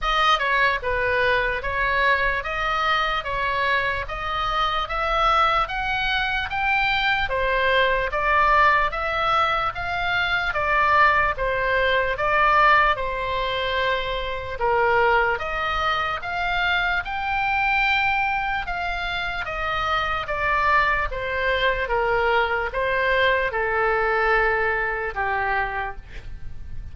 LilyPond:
\new Staff \with { instrumentName = "oboe" } { \time 4/4 \tempo 4 = 74 dis''8 cis''8 b'4 cis''4 dis''4 | cis''4 dis''4 e''4 fis''4 | g''4 c''4 d''4 e''4 | f''4 d''4 c''4 d''4 |
c''2 ais'4 dis''4 | f''4 g''2 f''4 | dis''4 d''4 c''4 ais'4 | c''4 a'2 g'4 | }